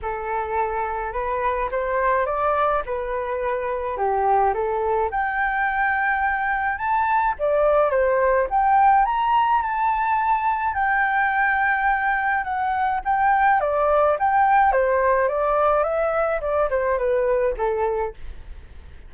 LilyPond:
\new Staff \with { instrumentName = "flute" } { \time 4/4 \tempo 4 = 106 a'2 b'4 c''4 | d''4 b'2 g'4 | a'4 g''2. | a''4 d''4 c''4 g''4 |
ais''4 a''2 g''4~ | g''2 fis''4 g''4 | d''4 g''4 c''4 d''4 | e''4 d''8 c''8 b'4 a'4 | }